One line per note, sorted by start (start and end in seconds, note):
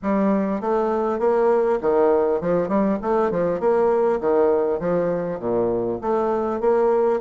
0.02 0.60 G3
0.60 1.19 A3
1.19 1.79 A#3
1.81 2.40 D#3
2.40 2.68 F3
2.68 2.98 G3
3.02 3.30 A3
3.30 3.59 F3
3.59 4.19 A#3
4.20 4.79 D#3
4.79 5.39 F3
5.39 5.99 A#2
6.01 6.60 A3
6.60 7.20 A#3